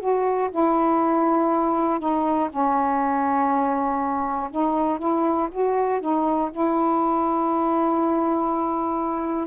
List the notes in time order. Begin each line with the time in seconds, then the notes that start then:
0.00 F#4
0.51 E4
2.00 D#4
2.50 C#4
4.51 D#4
4.99 E4
5.51 F#4
6.01 D#4
6.51 E4